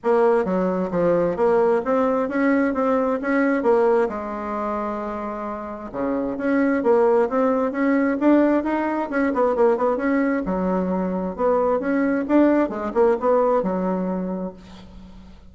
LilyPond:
\new Staff \with { instrumentName = "bassoon" } { \time 4/4 \tempo 4 = 132 ais4 fis4 f4 ais4 | c'4 cis'4 c'4 cis'4 | ais4 gis2.~ | gis4 cis4 cis'4 ais4 |
c'4 cis'4 d'4 dis'4 | cis'8 b8 ais8 b8 cis'4 fis4~ | fis4 b4 cis'4 d'4 | gis8 ais8 b4 fis2 | }